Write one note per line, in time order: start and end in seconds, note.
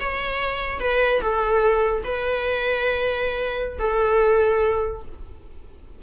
0.00 0.80 C#5
0.80 1.21 B4
1.21 2.03 A4
2.04 3.78 B4
3.78 5.02 A4